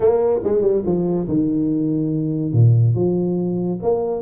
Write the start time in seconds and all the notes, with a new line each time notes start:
0.00 A#3
0.43 G#3
0.61 G3
0.85 F3
1.28 D#3
2.52 A#2
2.94 F3
3.82 A#3